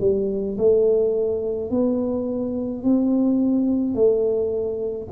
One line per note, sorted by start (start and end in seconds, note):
0.00 0.57 G3
0.58 1.70 A3
1.70 2.83 B3
2.83 3.94 C4
3.94 5.07 A3